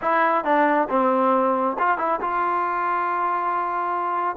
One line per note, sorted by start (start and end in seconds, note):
0.01 0.44 E4
0.44 0.88 D4
0.89 1.76 C4
1.78 1.98 F4
1.98 2.20 E4
2.20 4.36 F4